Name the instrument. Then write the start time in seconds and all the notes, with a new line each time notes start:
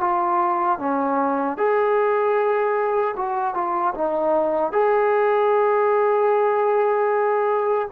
trombone
0.00 F4
0.79 C#4
1.57 G#4
3.17 F#4
3.54 F4
3.94 D#4
4.72 G#4